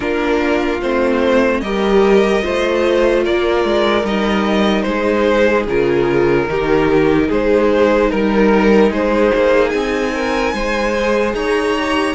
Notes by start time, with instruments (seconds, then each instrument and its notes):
0.00 cello A#3, viola D4, violin F4 A#4
0.81 cello A3, viola C4, violin C5
1.60 cello G3, viola G4, violin A#4 D#5
2.42 cello A3, viola F4, violin C5
3.23 cello A#3, violin A#4 D5
3.64 cello G#3
4.03 cello G3, viola D#4, violin D#5
4.82 cello G#3, violin G#4 C5
5.66 cello C#3, viola F4, violin A#4
6.47 cello D#3, viola D#4, violin G4
7.28 cello G#3, violin G#4 C5
8.09 cello G3, violin A#4
8.90 cello G#3, violin G#4 C5
9.34 cello A#3
9.69 cello C4, violin G#5
10.14 violin A#4
10.53 cello G#3, violin C5
10.98 viola G#4
11.33 cello D#4, violin C#5 A#5
11.78 viola G4